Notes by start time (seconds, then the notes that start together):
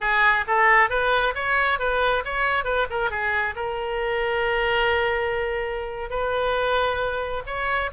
0.01 G#4
0.47 A4
0.89 B4
1.34 C#5
1.79 B4
2.24 C#5
2.64 B4
2.89 A#4
3.10 G#4
3.55 A#4
6.10 B4
7.46 C#5